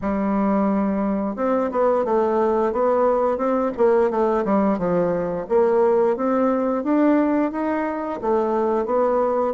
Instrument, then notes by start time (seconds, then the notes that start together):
bassoon
0.01 G3
1.36 C4
1.71 B3
2.04 A3
2.72 B3
3.37 C4
3.77 A#3
4.10 A3
4.44 G3
4.78 F3
5.49 A#3
6.16 C4
6.83 D4
7.51 D#4
8.21 A3
8.85 B3